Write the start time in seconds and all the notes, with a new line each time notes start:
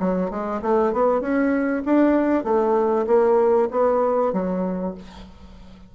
0.00 F#3
0.31 G#3
0.62 A3
0.93 B3
1.21 C#4
1.85 D4
2.44 A3
3.07 A#3
3.71 B3
4.33 F#3